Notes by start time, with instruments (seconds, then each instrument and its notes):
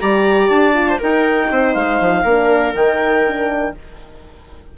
0.00 bassoon G3, horn G4, viola D5, clarinet A#5
0.50 bassoon D4, clarinet A5
0.74 horn F4
0.90 viola C5
0.99 bassoon D#4, horn D#4, viola A#4, clarinet G5
1.52 bassoon C4, viola C5
1.74 bassoon G#3, clarinet F5
2.01 bassoon F3
2.24 bassoon A#3, horn D4, viola A#4
2.75 bassoon D#3, horn D#4, clarinet G5
3.28 horn D4